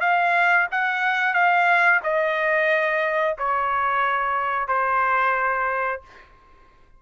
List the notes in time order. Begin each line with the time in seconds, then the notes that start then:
0.00 F5
0.71 F#5
1.33 F5
2.03 D#5
3.38 C#5
4.68 C5